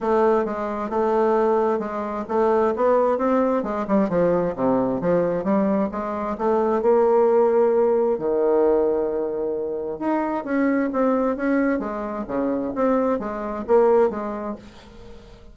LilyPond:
\new Staff \with { instrumentName = "bassoon" } { \time 4/4 \tempo 4 = 132 a4 gis4 a2 | gis4 a4 b4 c'4 | gis8 g8 f4 c4 f4 | g4 gis4 a4 ais4~ |
ais2 dis2~ | dis2 dis'4 cis'4 | c'4 cis'4 gis4 cis4 | c'4 gis4 ais4 gis4 | }